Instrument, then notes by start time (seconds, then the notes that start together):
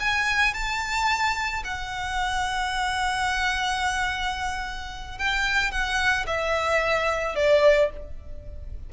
violin
0.00 G#5
0.54 A5
1.64 F#5
5.18 G5
5.71 F#5
6.27 E5
7.36 D5